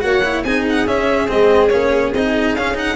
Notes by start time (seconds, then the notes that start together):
0.00 A#3 F#4 C#5 F#5
0.24 E4
0.44 C4 D#4 G#4 G#5
0.69 F#5
0.87 C#4 E5
1.28 G#3 C4 D#5
1.68 A#3 C#4 C#5
2.13 C4 D#4 D#5
2.55 C#4 F5
2.74 D#4 F#5